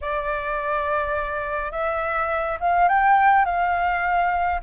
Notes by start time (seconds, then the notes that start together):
0.01 D5
1.72 E5
2.60 F5
2.88 G5
3.45 F5